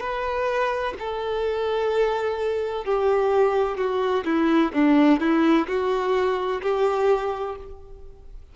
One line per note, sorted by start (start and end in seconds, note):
0.00 0.94 B4
0.99 2.85 A4
2.85 3.77 G4
3.77 4.24 F#4
4.25 4.72 E4
4.73 5.20 D4
5.20 5.67 E4
5.68 6.61 F#4
6.62 7.56 G4